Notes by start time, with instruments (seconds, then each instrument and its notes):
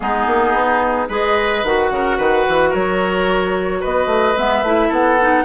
0.00 bassoon G#3, clarinet B3, oboe D#4, flute G#4
0.26 bassoon A#3
0.53 bassoon B3
1.08 bassoon G#3, clarinet G#4, oboe B4, flute D#5
1.63 bassoon D#3, clarinet F#4, flute F#5
1.91 bassoon C#3, oboe A#4
2.17 bassoon D#3, oboe B4
2.48 bassoon E3
2.69 bassoon F#3, oboe A#4, flute C#5
3.80 bassoon B3, oboe B4, flute D#5
4.06 bassoon A3
4.36 bassoon G#3, clarinet B3, flute E5
4.62 bassoon A3, clarinet E4
4.88 bassoon B3, oboe A4, flute F#5
5.20 clarinet D#4